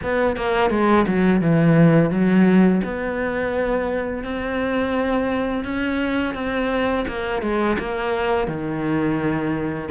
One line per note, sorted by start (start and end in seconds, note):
0.02 0.36 B3
0.36 0.70 A#3
0.70 1.05 G#3
1.07 1.41 F#3
1.41 2.10 E3
2.10 2.81 F#3
2.84 4.23 B3
4.23 5.64 C4
5.64 6.34 C#4
6.34 7.05 C4
7.07 7.41 A#3
7.41 7.77 G#3
7.78 8.47 A#3
8.47 9.88 D#3